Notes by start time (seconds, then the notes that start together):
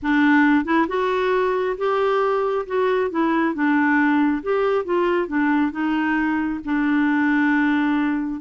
0.02 D4
0.65 E4
0.88 F#4
1.77 G4
2.66 F#4
3.10 E4
3.54 D4
4.43 G4
4.84 F4
5.27 D4
5.71 D#4
6.64 D4